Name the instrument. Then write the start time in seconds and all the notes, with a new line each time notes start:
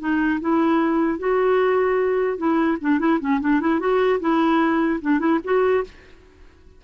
clarinet
0.00 D#4
0.41 E4
1.19 F#4
2.38 E4
2.81 D4
3.00 E4
3.21 C#4
3.41 D4
3.61 E4
3.80 F#4
4.20 E4
5.02 D4
5.20 E4
5.44 F#4